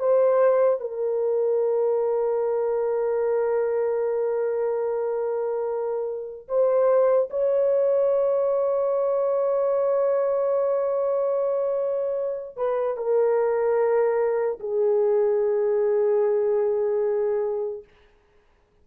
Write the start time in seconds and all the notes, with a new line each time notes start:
0.00 C5
0.81 A#4
6.49 C5
7.30 C#5
12.57 B4
12.97 A#4
14.60 G#4